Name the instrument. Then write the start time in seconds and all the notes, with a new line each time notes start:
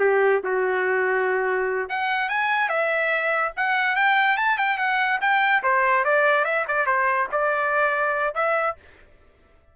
trumpet
0.00 G4
0.44 F#4
1.89 F#5
2.29 G#5
2.69 E5
3.57 F#5
3.96 G5
4.37 A5
4.58 G5
4.78 F#5
5.21 G5
5.63 C5
6.05 D5
6.45 E5
6.68 D5
6.86 C5
7.32 D5
8.35 E5